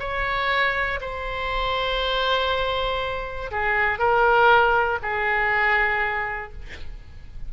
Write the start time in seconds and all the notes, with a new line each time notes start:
0.00 C#5
1.01 C5
3.52 G#4
4.00 A#4
5.03 G#4